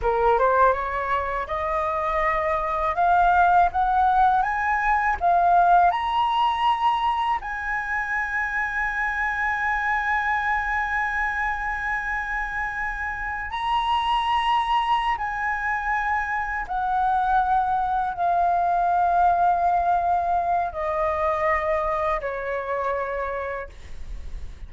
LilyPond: \new Staff \with { instrumentName = "flute" } { \time 4/4 \tempo 4 = 81 ais'8 c''8 cis''4 dis''2 | f''4 fis''4 gis''4 f''4 | ais''2 gis''2~ | gis''1~ |
gis''2~ gis''16 ais''4.~ ais''16~ | ais''8 gis''2 fis''4.~ | fis''8 f''2.~ f''8 | dis''2 cis''2 | }